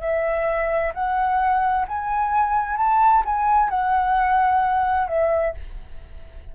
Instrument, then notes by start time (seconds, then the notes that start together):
flute
0.00 E5
0.94 F#5
1.88 G#5
2.77 A5
3.25 G#5
3.69 F#5
5.07 E5